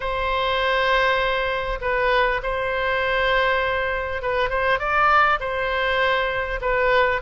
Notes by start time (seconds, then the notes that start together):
0.00 C5
1.81 B4
2.42 C5
4.22 B4
4.49 C5
4.79 D5
5.40 C5
6.61 B4